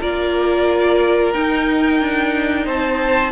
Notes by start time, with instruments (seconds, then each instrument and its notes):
0.00 cello A#3, viola F4, violin A#4 D5
1.34 viola D#4, cello D#4, violin G5
2.00 cello D4
2.65 cello C4, violin C5 A5